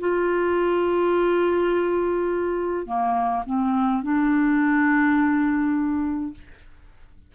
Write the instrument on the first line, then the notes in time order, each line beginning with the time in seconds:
clarinet
0.00 F4
2.86 A#3
3.47 C4
4.03 D4